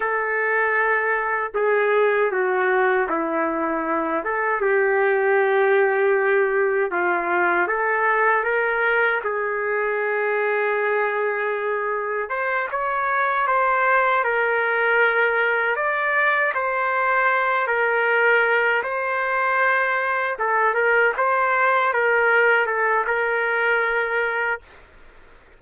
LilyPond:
\new Staff \with { instrumentName = "trumpet" } { \time 4/4 \tempo 4 = 78 a'2 gis'4 fis'4 | e'4. a'8 g'2~ | g'4 f'4 a'4 ais'4 | gis'1 |
c''8 cis''4 c''4 ais'4.~ | ais'8 d''4 c''4. ais'4~ | ais'8 c''2 a'8 ais'8 c''8~ | c''8 ais'4 a'8 ais'2 | }